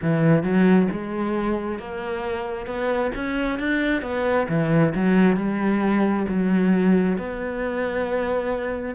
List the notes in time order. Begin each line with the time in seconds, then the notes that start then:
0.02 E3
0.43 F#3
0.91 G#3
1.78 A#3
2.66 B3
3.15 C#4
3.59 D4
4.01 B3
4.49 E3
4.95 F#3
5.36 G3
6.28 F#3
7.18 B3